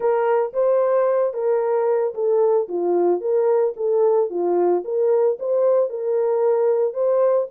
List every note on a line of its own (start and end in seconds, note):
0.00 0.52 A#4
0.53 1.33 C5
1.33 2.14 A#4
2.14 2.67 A4
2.68 3.20 F4
3.20 3.74 A#4
3.76 4.30 A4
4.30 4.83 F4
4.84 5.37 A#4
5.39 5.89 C5
5.89 6.93 A#4
6.93 7.47 C5